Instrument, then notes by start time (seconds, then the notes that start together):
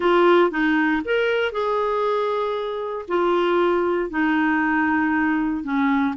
clarinet
0.00 F4
0.50 D#4
1.04 A#4
1.52 G#4
3.08 F4
4.10 D#4
5.63 C#4